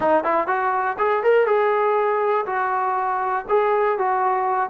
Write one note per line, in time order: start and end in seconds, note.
0.00 0.24 D#4
0.24 0.47 E4
0.47 0.96 F#4
0.98 1.23 G#4
1.23 1.46 A#4
1.46 2.45 G#4
2.45 3.45 F#4
3.48 3.98 G#4
3.98 4.69 F#4